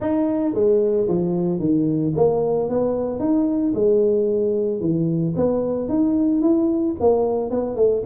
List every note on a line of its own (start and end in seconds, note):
0.00 0.54 D#4
0.54 1.07 G#3
1.08 1.59 F3
1.59 2.13 D#3
2.16 2.69 A#3
2.69 3.19 B3
3.19 3.73 D#4
3.74 4.80 G#3
4.80 5.34 E3
5.36 5.89 B3
5.89 6.41 D#4
6.41 6.95 E4
6.99 7.50 A#3
7.50 7.76 B3
7.76 8.03 A3